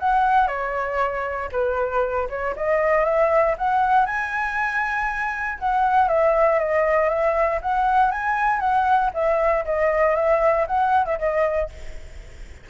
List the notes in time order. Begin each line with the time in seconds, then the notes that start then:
0.00 F#5
0.48 C#5
1.53 B4
2.30 C#5
2.57 D#5
3.05 E5
3.58 F#5
4.06 G#5
5.60 F#5
6.09 E5
6.59 D#5
7.09 E5
7.62 F#5
8.12 G#5
8.60 F#5
9.14 E5
9.66 D#5
10.16 E5
10.68 F#5
11.06 E5
11.19 D#5